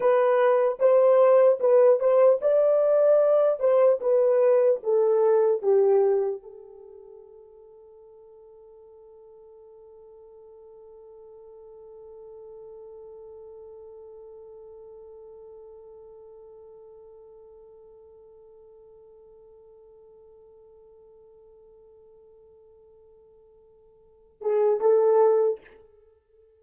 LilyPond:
\new Staff \with { instrumentName = "horn" } { \time 4/4 \tempo 4 = 75 b'4 c''4 b'8 c''8 d''4~ | d''8 c''8 b'4 a'4 g'4 | a'1~ | a'1~ |
a'1~ | a'1~ | a'1~ | a'2~ a'8 gis'8 a'4 | }